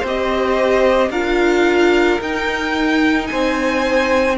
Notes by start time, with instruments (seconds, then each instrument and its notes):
0.00 cello C4, violin C5
0.06 viola G4, violin D#5
1.10 cello D4, viola F4, violin A#4 F5
2.20 viola D#4, cello D#4, violin G5
3.27 cello C4, violin C5 G#5